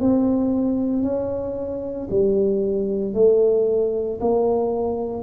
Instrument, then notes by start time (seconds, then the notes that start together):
tuba
0.00 C4
1.02 C#4
2.10 G3
3.14 A3
4.21 A#3